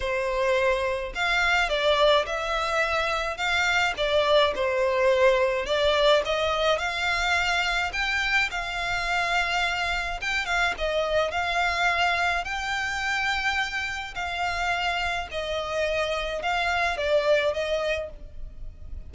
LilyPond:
\new Staff \with { instrumentName = "violin" } { \time 4/4 \tempo 4 = 106 c''2 f''4 d''4 | e''2 f''4 d''4 | c''2 d''4 dis''4 | f''2 g''4 f''4~ |
f''2 g''8 f''8 dis''4 | f''2 g''2~ | g''4 f''2 dis''4~ | dis''4 f''4 d''4 dis''4 | }